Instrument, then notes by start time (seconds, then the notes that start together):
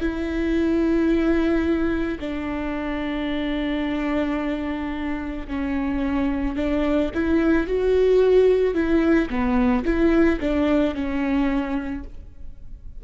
viola
0.00 E4
2.20 D4
5.48 C#4
6.56 D4
7.15 E4
7.67 F#4
8.75 E4
9.30 B3
9.85 E4
10.40 D4
10.95 C#4